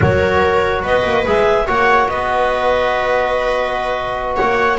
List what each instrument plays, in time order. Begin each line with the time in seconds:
0.00 double bass F#3, trombone F#4, viola A#4, clarinet C#5
0.82 double bass B3, viola B4, clarinet D#5
1.04 double bass A#3
1.26 double bass G#3, trombone G#4, clarinet E5
1.66 double bass A#3, trombone F#4, viola C#5, clarinet F#5
2.08 double bass B3, viola B4, clarinet D#5
4.36 double bass A#3, viola C#5, clarinet F#5